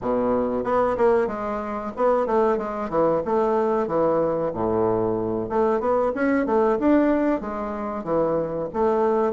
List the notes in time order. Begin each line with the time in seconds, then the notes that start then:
0.01 B2
0.64 B3
0.97 A#3
1.27 G#3
1.96 B3
2.26 A3
2.57 G#3
2.89 E3
3.25 A3
3.87 E3
4.53 A2
5.49 A3
5.79 B3
6.14 C#4
6.45 A3
6.79 D4
7.40 G#3
8.04 E3
8.73 A3